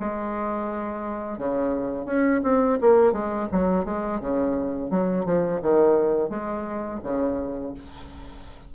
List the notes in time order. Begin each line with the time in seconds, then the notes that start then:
0.00 G#3
1.38 C#3
2.05 C#4
2.43 C4
2.80 A#3
3.12 G#3
3.52 F#3
3.85 G#3
4.20 C#3
4.90 F#3
5.25 F3
5.61 D#3
6.29 G#3
7.03 C#3